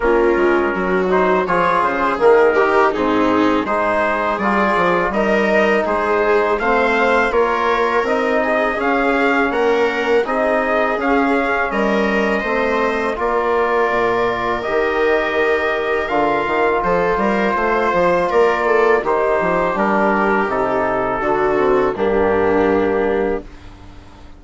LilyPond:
<<
  \new Staff \with { instrumentName = "trumpet" } { \time 4/4 \tempo 4 = 82 ais'4. c''8 cis''8 c''8 ais'4 | gis'4 c''4 d''4 dis''4 | c''4 f''4 cis''4 dis''4 | f''4 fis''4 dis''4 f''4 |
dis''2 d''2 | dis''2 f''4 c''4~ | c''4 d''4 c''4 ais'4 | a'2 g'2 | }
  \new Staff \with { instrumentName = "viola" } { \time 4/4 f'4 fis'4 gis'4. g'8 | dis'4 gis'2 ais'4 | gis'4 c''4 ais'4. gis'8~ | gis'4 ais'4 gis'2 |
ais'4 c''4 ais'2~ | ais'2. a'8 ais'8 | c''4 ais'8 a'8 g'2~ | g'4 fis'4 d'2 | }
  \new Staff \with { instrumentName = "trombone" } { \time 4/4 cis'4. dis'8 f'4 ais8 dis'8 | c'4 dis'4 f'4 dis'4~ | dis'4 c'4 f'4 dis'4 | cis'2 dis'4 cis'4~ |
cis'4 c'4 f'2 | g'2 f'2~ | f'2 dis'4 d'4 | dis'4 d'8 c'8 ais2 | }
  \new Staff \with { instrumentName = "bassoon" } { \time 4/4 ais8 gis8 fis4 f8 cis8 dis4 | gis,4 gis4 g8 f8 g4 | gis4 a4 ais4 c'4 | cis'4 ais4 c'4 cis'4 |
g4 a4 ais4 ais,4 | dis2 d8 dis8 f8 g8 | a8 f8 ais4 dis8 f8 g4 | c4 d4 g,2 | }
>>